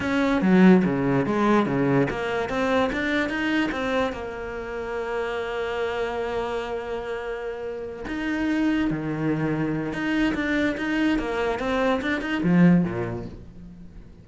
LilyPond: \new Staff \with { instrumentName = "cello" } { \time 4/4 \tempo 4 = 145 cis'4 fis4 cis4 gis4 | cis4 ais4 c'4 d'4 | dis'4 c'4 ais2~ | ais1~ |
ais2.~ ais8 dis'8~ | dis'4. dis2~ dis8 | dis'4 d'4 dis'4 ais4 | c'4 d'8 dis'8 f4 ais,4 | }